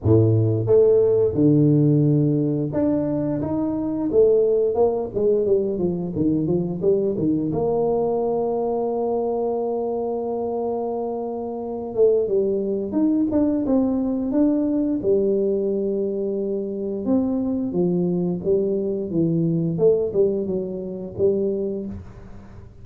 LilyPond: \new Staff \with { instrumentName = "tuba" } { \time 4/4 \tempo 4 = 88 a,4 a4 d2 | d'4 dis'4 a4 ais8 gis8 | g8 f8 dis8 f8 g8 dis8 ais4~ | ais1~ |
ais4. a8 g4 dis'8 d'8 | c'4 d'4 g2~ | g4 c'4 f4 g4 | e4 a8 g8 fis4 g4 | }